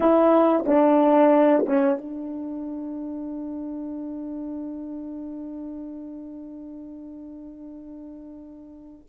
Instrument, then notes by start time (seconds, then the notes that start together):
horn
0.00 E4
0.66 D4
1.66 C#4
1.98 D4